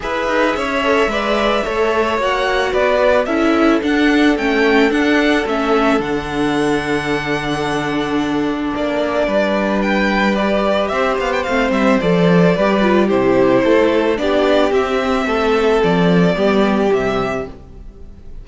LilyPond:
<<
  \new Staff \with { instrumentName = "violin" } { \time 4/4 \tempo 4 = 110 e''1 | fis''4 d''4 e''4 fis''4 | g''4 fis''4 e''4 fis''4~ | fis''1 |
d''2 g''4 d''4 | e''8 f''16 g''16 f''8 e''8 d''2 | c''2 d''4 e''4~ | e''4 d''2 e''4 | }
  \new Staff \with { instrumentName = "violin" } { \time 4/4 b'4 cis''4 d''4 cis''4~ | cis''4 b'4 a'2~ | a'1~ | a'1~ |
a'4 b'2. | c''2. b'4 | g'4 a'4 g'2 | a'2 g'2 | }
  \new Staff \with { instrumentName = "viola" } { \time 4/4 gis'4. a'8 b'4 a'4 | fis'2 e'4 d'4 | cis'4 d'4 cis'4 d'4~ | d'1~ |
d'2. g'4~ | g'4 c'4 a'4 g'8 f'8 | e'2 d'4 c'4~ | c'2 b4 g4 | }
  \new Staff \with { instrumentName = "cello" } { \time 4/4 e'8 dis'8 cis'4 gis4 a4 | ais4 b4 cis'4 d'4 | a4 d'4 a4 d4~ | d1 |
ais4 g2. | c'8 b8 a8 g8 f4 g4 | c4 a4 b4 c'4 | a4 f4 g4 c4 | }
>>